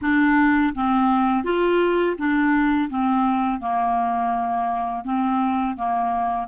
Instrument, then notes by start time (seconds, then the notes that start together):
clarinet
0.01 D4
0.75 C4
1.44 F4
2.18 D4
2.89 C4
3.60 A#3
5.04 C4
5.76 A#3